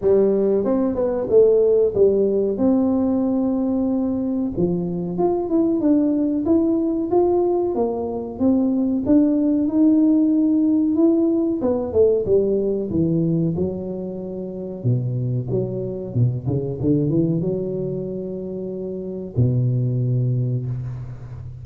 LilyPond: \new Staff \with { instrumentName = "tuba" } { \time 4/4 \tempo 4 = 93 g4 c'8 b8 a4 g4 | c'2. f4 | f'8 e'8 d'4 e'4 f'4 | ais4 c'4 d'4 dis'4~ |
dis'4 e'4 b8 a8 g4 | e4 fis2 b,4 | fis4 b,8 cis8 d8 e8 fis4~ | fis2 b,2 | }